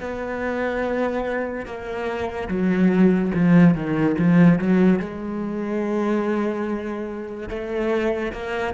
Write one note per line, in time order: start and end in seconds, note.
0.00 1.66 B3
1.66 2.48 A#3
2.48 3.31 F#3
3.34 3.74 F3
3.74 4.16 D#3
4.19 4.58 F3
4.58 5.00 F#3
5.00 7.49 G#3
7.49 8.32 A3
8.32 8.74 A#3